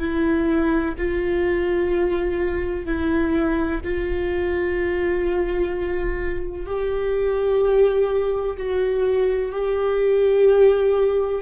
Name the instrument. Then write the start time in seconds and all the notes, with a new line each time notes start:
viola
0.00 E4
0.98 F4
2.86 E4
3.84 F4
6.67 G4
8.58 F#4
9.52 G4